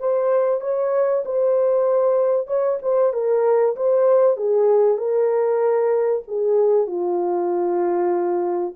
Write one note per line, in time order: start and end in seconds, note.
0.00 0.61 C5
0.61 1.24 C#5
1.25 2.47 C5
2.47 2.78 C#5
2.82 3.13 C5
3.13 3.76 A#4
3.76 4.37 C5
4.37 4.98 G#4
4.98 6.23 A#4
6.28 6.87 G#4
6.87 8.74 F4